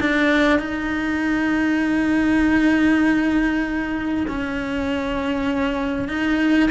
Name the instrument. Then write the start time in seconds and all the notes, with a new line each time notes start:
cello
0.00 D4
0.59 D#4
4.28 C#4
6.09 D#4